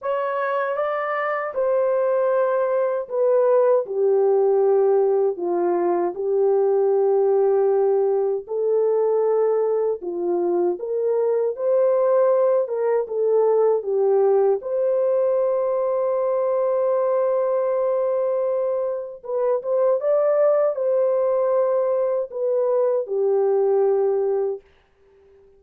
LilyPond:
\new Staff \with { instrumentName = "horn" } { \time 4/4 \tempo 4 = 78 cis''4 d''4 c''2 | b'4 g'2 f'4 | g'2. a'4~ | a'4 f'4 ais'4 c''4~ |
c''8 ais'8 a'4 g'4 c''4~ | c''1~ | c''4 b'8 c''8 d''4 c''4~ | c''4 b'4 g'2 | }